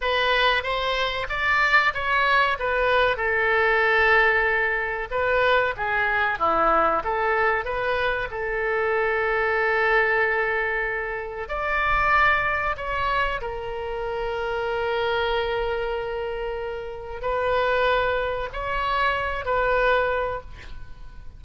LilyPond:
\new Staff \with { instrumentName = "oboe" } { \time 4/4 \tempo 4 = 94 b'4 c''4 d''4 cis''4 | b'4 a'2. | b'4 gis'4 e'4 a'4 | b'4 a'2.~ |
a'2 d''2 | cis''4 ais'2.~ | ais'2. b'4~ | b'4 cis''4. b'4. | }